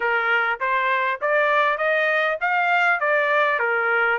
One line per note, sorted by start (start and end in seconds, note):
0.00 0.59 A#4
0.60 1.20 C5
1.21 1.77 D5
1.77 2.37 D#5
2.40 2.99 F5
2.99 3.59 D5
3.59 4.18 A#4